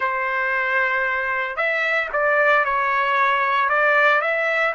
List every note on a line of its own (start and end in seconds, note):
0.00 1.56 C5
1.56 2.09 E5
2.12 2.64 D5
2.64 3.69 C#5
3.69 4.21 D5
4.21 4.73 E5